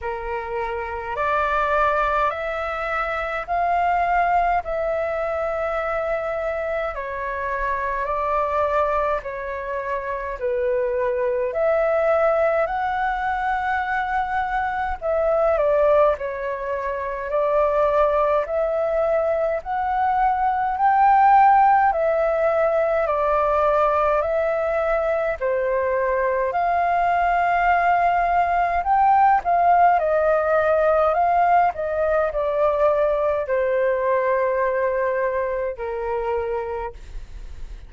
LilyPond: \new Staff \with { instrumentName = "flute" } { \time 4/4 \tempo 4 = 52 ais'4 d''4 e''4 f''4 | e''2 cis''4 d''4 | cis''4 b'4 e''4 fis''4~ | fis''4 e''8 d''8 cis''4 d''4 |
e''4 fis''4 g''4 e''4 | d''4 e''4 c''4 f''4~ | f''4 g''8 f''8 dis''4 f''8 dis''8 | d''4 c''2 ais'4 | }